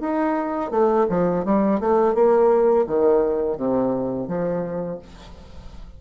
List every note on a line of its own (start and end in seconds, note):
0.00 0.70 D#4
0.70 1.06 A3
1.09 1.45 F3
1.45 1.80 G3
1.80 2.14 A3
2.14 2.86 A#3
2.87 3.57 D#3
3.57 4.27 C3
4.27 4.99 F3